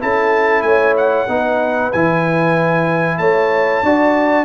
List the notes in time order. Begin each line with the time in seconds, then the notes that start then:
0.00 C#4 E4 A4 A5
0.62 A3 C#5 G#5
0.97 F#5
1.28 B3 D#4 B4
1.92 E3 E4 G#5
3.18 A3 C#5 A5
3.82 D4 F#4 D5